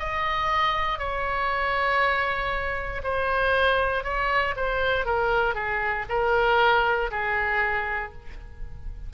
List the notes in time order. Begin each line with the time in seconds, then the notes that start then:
0.00 D#5
0.99 C#5
3.04 C5
4.04 C#5
4.57 C5
5.06 A#4
5.55 G#4
6.10 A#4
7.11 G#4